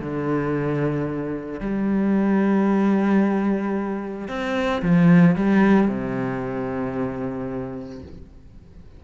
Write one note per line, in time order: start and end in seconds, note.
0.00 1.60 D3
1.60 4.28 G3
4.28 4.82 C4
4.82 5.36 F3
5.36 5.88 G3
5.88 8.02 C3